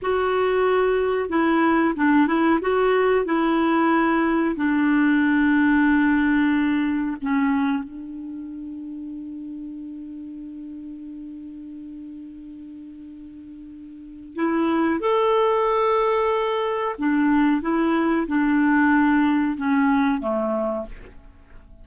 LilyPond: \new Staff \with { instrumentName = "clarinet" } { \time 4/4 \tempo 4 = 92 fis'2 e'4 d'8 e'8 | fis'4 e'2 d'4~ | d'2. cis'4 | d'1~ |
d'1~ | d'2 e'4 a'4~ | a'2 d'4 e'4 | d'2 cis'4 a4 | }